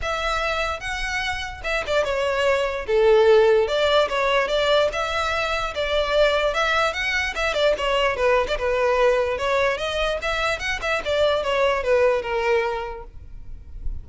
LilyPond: \new Staff \with { instrumentName = "violin" } { \time 4/4 \tempo 4 = 147 e''2 fis''2 | e''8 d''8 cis''2 a'4~ | a'4 d''4 cis''4 d''4 | e''2 d''2 |
e''4 fis''4 e''8 d''8 cis''4 | b'8. d''16 b'2 cis''4 | dis''4 e''4 fis''8 e''8 d''4 | cis''4 b'4 ais'2 | }